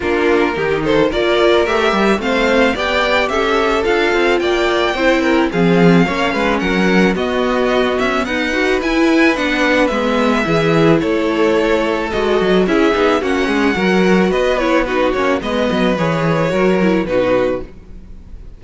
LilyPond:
<<
  \new Staff \with { instrumentName = "violin" } { \time 4/4 \tempo 4 = 109 ais'4. c''8 d''4 e''4 | f''4 g''4 e''4 f''4 | g''2 f''2 | fis''4 dis''4. e''8 fis''4 |
gis''4 fis''4 e''2 | cis''2 dis''4 e''4 | fis''2 dis''8 cis''8 b'8 cis''8 | dis''4 cis''2 b'4 | }
  \new Staff \with { instrumentName = "violin" } { \time 4/4 f'4 g'8 a'8 ais'2 | c''4 d''4 a'2 | d''4 c''8 ais'8 gis'4 cis''8 b'8 | ais'4 fis'2 b'4~ |
b'2. gis'4 | a'2. gis'4 | fis'8 gis'8 ais'4 b'4 fis'4 | b'2 ais'4 fis'4 | }
  \new Staff \with { instrumentName = "viola" } { \time 4/4 d'4 dis'4 f'4 g'4 | c'4 g'2 f'4~ | f'4 e'4 c'4 cis'4~ | cis'4 b2~ b8 fis'8 |
e'4 d'4 b4 e'4~ | e'2 fis'4 e'8 dis'8 | cis'4 fis'4. e'8 dis'8 cis'8 | b4 gis'4 fis'8 e'8 dis'4 | }
  \new Staff \with { instrumentName = "cello" } { \time 4/4 ais4 dis4 ais4 a8 g8 | a4 b4 cis'4 d'8 c'8 | ais4 c'4 f4 ais8 gis8 | fis4 b4. cis'8 dis'4 |
e'4 b4 gis4 e4 | a2 gis8 fis8 cis'8 b8 | ais8 gis8 fis4 b4. ais8 | gis8 fis8 e4 fis4 b,4 | }
>>